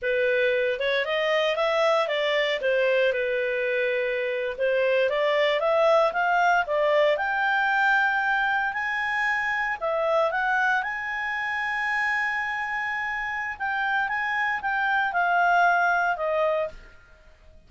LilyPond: \new Staff \with { instrumentName = "clarinet" } { \time 4/4 \tempo 4 = 115 b'4. cis''8 dis''4 e''4 | d''4 c''4 b'2~ | b'8. c''4 d''4 e''4 f''16~ | f''8. d''4 g''2~ g''16~ |
g''8. gis''2 e''4 fis''16~ | fis''8. gis''2.~ gis''16~ | gis''2 g''4 gis''4 | g''4 f''2 dis''4 | }